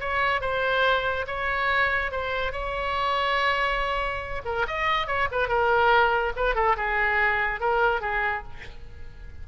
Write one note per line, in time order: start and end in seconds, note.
0.00 0.41 C#5
0.41 1.26 C5
1.27 2.11 C#5
2.11 2.52 C5
2.52 4.42 C#5
4.45 4.66 A#4
4.67 5.07 D#5
5.07 5.28 C#5
5.31 5.48 B4
5.48 6.32 A#4
6.36 6.55 B4
6.55 6.76 A4
6.76 7.60 G#4
7.60 8.01 A#4
8.01 8.43 G#4